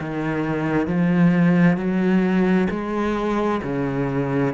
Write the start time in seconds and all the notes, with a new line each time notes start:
0.00 D#3
0.87 F3
1.77 F#3
2.70 G#3
3.63 C#3